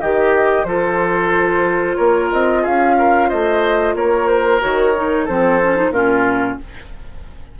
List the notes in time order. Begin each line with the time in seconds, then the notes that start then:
0.00 D#3 G4 D#5
0.64 F3 F4 A4 C5
1.95 A#3 A#4 C#5
2.31 C4 D#5
2.62 C#4 G#4 F5
2.98 A#4
3.28 A3 C5 D#5
3.94 A#3 A#4 C#5
4.28 C5
4.61 D#3 F#4 C#5
4.95 D#4
5.24 F3 C4 A4 C5
5.62 C#4
5.76 D#4
5.90 A#2 C#4 F4 A#4